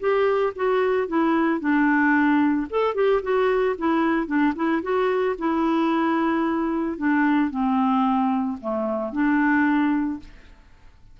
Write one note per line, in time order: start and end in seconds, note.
0.00 0.54 G4
0.56 1.08 F#4
1.08 1.60 E4
1.60 2.67 D4
2.70 2.95 A4
2.95 3.22 G4
3.23 3.76 F#4
3.78 4.27 E4
4.27 4.54 D4
4.56 4.82 E4
4.82 5.36 F#4
5.38 6.98 E4
6.98 7.51 D4
7.51 8.58 C4
8.61 9.12 A3
9.12 10.20 D4